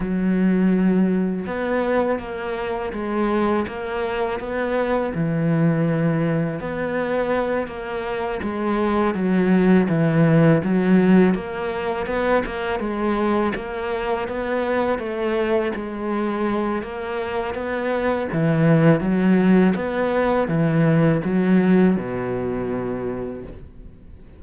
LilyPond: \new Staff \with { instrumentName = "cello" } { \time 4/4 \tempo 4 = 82 fis2 b4 ais4 | gis4 ais4 b4 e4~ | e4 b4. ais4 gis8~ | gis8 fis4 e4 fis4 ais8~ |
ais8 b8 ais8 gis4 ais4 b8~ | b8 a4 gis4. ais4 | b4 e4 fis4 b4 | e4 fis4 b,2 | }